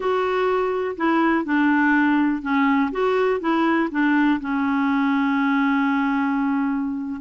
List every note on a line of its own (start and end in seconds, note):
0.00 0.96 F#4
0.96 1.44 E4
1.44 2.42 D4
2.42 2.90 C#4
2.91 3.40 F#4
3.40 3.89 E4
3.91 4.39 D4
4.40 7.20 C#4